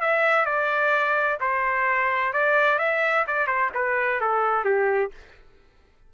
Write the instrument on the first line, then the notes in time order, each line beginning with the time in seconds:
trumpet
0.00 E5
0.45 D5
1.40 C5
2.33 D5
2.78 E5
3.27 D5
3.47 C5
3.74 B4
4.20 A4
4.64 G4